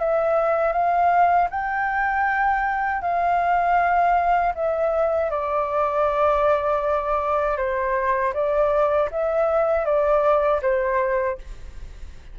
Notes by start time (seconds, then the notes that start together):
0.00 E5
0.73 F5
1.51 G5
3.02 F5
4.55 E5
5.31 D5
7.57 C5
8.34 D5
9.12 E5
9.85 D5
10.63 C5